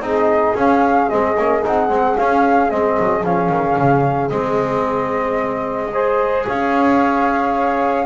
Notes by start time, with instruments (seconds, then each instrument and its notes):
0.00 double bass C4, trombone D#4, saxophone G#4, flute D#5
0.55 double bass C#4, trombone C#4, flute F5
1.09 double bass G#3, trombone C4, flute D#5
1.37 double bass A#3, trombone C#4
1.63 double bass C4, trombone D#4, flute F#5
1.90 double bass G#3, trombone C4
2.16 trombone C#4, double bass C#4, flute F5
2.71 double bass G#3, trombone C4, flute D#5
2.99 double bass F#3
3.24 double bass F3, trombone C#4, flute F5
3.50 double bass D#3
3.77 double bass C#3
4.29 double bass G#3, trombone C4, flute D#5
5.93 trombone G#4, saxophone C5
6.46 double bass C#4, saxophone C#5, flute F5